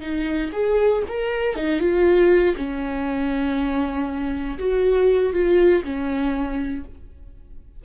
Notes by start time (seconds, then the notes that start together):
0.00 D#4
0.52 G#4
1.07 A#4
1.55 D#4
1.79 F4
2.56 C#4
4.58 F#4
5.32 F4
5.83 C#4